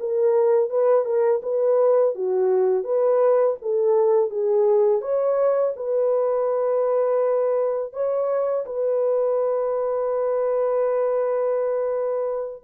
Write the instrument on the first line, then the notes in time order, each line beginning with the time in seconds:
horn
0.00 A#4
0.70 B4
1.05 A#4
1.43 B4
2.16 F#4
2.84 B4
3.62 A4
4.30 G#4
5.02 C#5
5.77 B4
7.93 C#5
8.66 B4